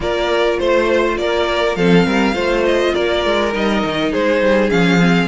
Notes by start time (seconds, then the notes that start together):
0.00 A#3 F4 A#4 D5
0.58 A3 C5
1.17 A#3 A#4 D5
1.75 F3 C4 A4 F5
2.06 G3 A#4
2.34 A3 F4 C5
2.65 D#5
2.93 A#3 A#4 D5
3.25 G#3
3.51 G3 D#4 D#5
3.84 D#3
4.10 G#3 G#4 C5
4.41 G3
4.69 F3 C#4 F5
4.99 C4